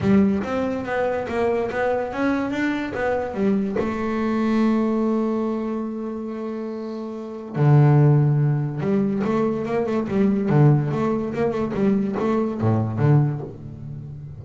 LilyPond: \new Staff \with { instrumentName = "double bass" } { \time 4/4 \tempo 4 = 143 g4 c'4 b4 ais4 | b4 cis'4 d'4 b4 | g4 a2.~ | a1~ |
a2 d2~ | d4 g4 a4 ais8 a8 | g4 d4 a4 ais8 a8 | g4 a4 a,4 d4 | }